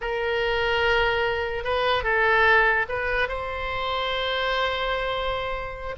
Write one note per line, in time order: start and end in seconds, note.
0.01 1.64 A#4
1.64 2.03 B4
2.03 2.85 A4
2.88 3.28 B4
3.28 5.95 C5